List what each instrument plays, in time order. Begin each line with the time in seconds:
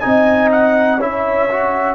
0.00 tuba C4, trombone D#4, horn D#5, trumpet G#5
0.52 trumpet F#5
0.98 tuba C#4, trombone E4, horn C#5, trumpet E5
1.50 trombone F#4